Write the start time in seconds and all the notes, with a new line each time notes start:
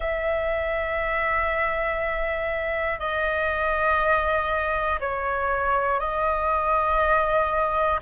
0.00 E5
2.99 D#5
5.00 C#5
6.00 D#5